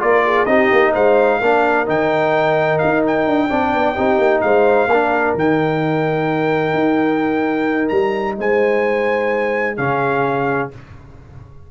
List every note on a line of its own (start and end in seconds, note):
0.00 0.47 A#3
0.00 0.47 F4
0.00 0.24 A#4
0.00 0.46 D5
0.26 0.48 G#4
0.46 0.70 C4
0.46 1.42 D#4
0.46 0.93 G4
0.46 0.92 D#5
0.72 0.95 A#3
0.93 1.42 G#3
0.93 1.39 C5
0.93 1.88 F5
1.40 1.88 A#3
1.40 1.86 D4
1.40 3.49 A#4
1.86 2.81 D#3
1.86 3.49 D#4
1.86 2.79 G5
2.79 3.27 D#4
2.79 3.02 F5
3.07 4.41 G5
3.27 3.50 D4
3.49 3.74 C4
3.49 3.95 D4
3.49 3.95 D5
3.74 3.97 B3
3.95 4.19 C4
3.95 4.88 D#4
3.95 4.41 G4
4.19 4.42 A#3
4.41 4.87 G#3
4.41 4.90 C5
4.41 5.34 F5
4.87 5.34 A#3
4.87 5.38 D4
4.87 8.39 A#4
5.35 6.74 D#3
5.35 9.78 D#4
5.35 7.88 G5
6.74 7.90 D#4
7.88 8.38 G3
7.88 8.35 A#5
8.39 9.78 G#3
8.39 9.77 C5
8.39 9.77 G#5
9.77 10.71 C#3
9.77 10.71 C#4
9.77 10.70 G#4
9.77 10.70 F5